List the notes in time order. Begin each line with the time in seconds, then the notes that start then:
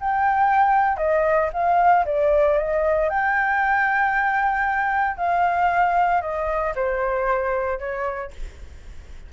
0.00 G5
0.97 D#5
1.52 F5
2.05 D5
2.58 D#5
3.09 G5
5.17 F5
6.21 D#5
6.75 C5
7.79 C#5